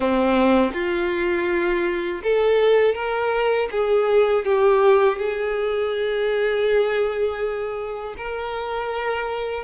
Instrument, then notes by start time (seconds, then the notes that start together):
violin
0.00 C4
0.73 F4
2.23 A4
2.94 A#4
3.71 G#4
4.45 G4
5.18 G#4
8.17 A#4